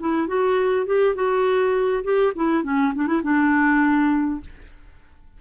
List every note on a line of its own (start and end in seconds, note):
0.00 0.28 E4
0.28 0.86 F#4
0.86 1.15 G4
1.15 2.03 F#4
2.04 2.33 G4
2.36 2.63 E4
2.63 2.93 C#4
2.95 3.07 D4
3.07 3.22 E4
3.23 4.41 D4